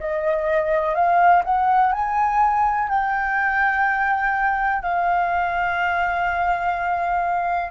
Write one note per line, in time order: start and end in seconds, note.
0.00 0.95 D#5
0.95 1.43 F5
1.45 1.93 F#5
1.93 2.89 G#5
2.89 4.83 G5
4.83 7.71 F5